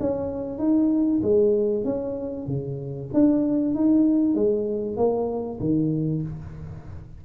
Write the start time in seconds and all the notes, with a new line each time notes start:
0.00 C#4
0.59 D#4
1.23 G#3
1.85 C#4
2.47 C#3
3.14 D4
3.75 D#4
4.35 G#3
4.97 A#3
5.60 D#3